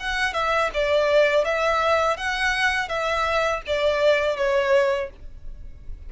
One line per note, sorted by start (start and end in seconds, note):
0.00 0.34 F#5
0.34 0.70 E5
0.74 1.45 D5
1.45 2.17 E5
2.17 2.88 F#5
2.88 3.62 E5
3.67 4.37 D5
4.37 5.10 C#5